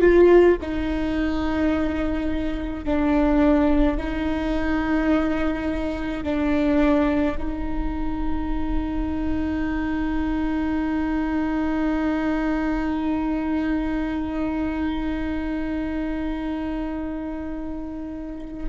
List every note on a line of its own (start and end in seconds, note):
0.00 0.57 F4
0.61 2.85 D#4
2.85 3.97 D4
3.97 6.23 D#4
6.23 7.36 D4
7.38 18.68 D#4